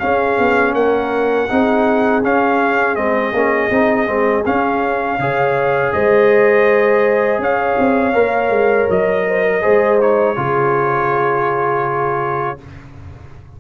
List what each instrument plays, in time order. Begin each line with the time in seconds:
0.00 trombone C#4, tuba C#4, horn G#4, trumpet F5
0.38 tuba B3
0.74 tuba A#3, horn A#4, trumpet F#5
1.49 tuba C4, trombone D#4, horn G#4
2.23 trombone C#4, tuba C#4, trumpet F5
2.96 tuba G#3, trombone C4, trumpet D#5
3.33 tuba A#3, trombone C#4
3.71 tuba C4, trombone D#4
4.07 tuba G#3, trombone C4
4.46 trombone C#4, tuba C#4, trumpet F5
5.19 tuba C#3, trombone G#4, horn C#5
5.93 tuba G#3, horn C5, trumpet D#5
7.39 tuba C#4, horn C#5, trumpet F5
7.79 tuba C4
8.14 tuba A#3, trombone A#4
8.50 tuba G#3
8.90 tuba F#3, trumpet D#5
9.28 horn C5
9.46 horn A#4
9.61 tuba G#3, trombone G#4, horn C5
10.01 trombone D#4, trumpet C#5
10.36 tuba C#3, trombone F4, horn G#4